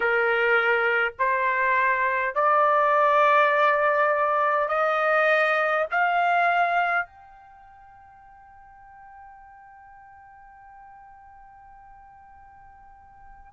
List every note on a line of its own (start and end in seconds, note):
0.00 1.13 A#4
1.18 2.35 C5
2.35 4.68 D5
4.68 5.86 D#5
5.91 7.06 F5
7.06 13.53 G5